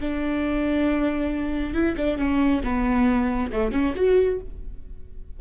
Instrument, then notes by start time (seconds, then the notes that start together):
viola
0.00 D4
1.73 E4
1.96 D4
2.17 C#4
2.63 B3
3.52 A3
3.71 C#4
3.95 F#4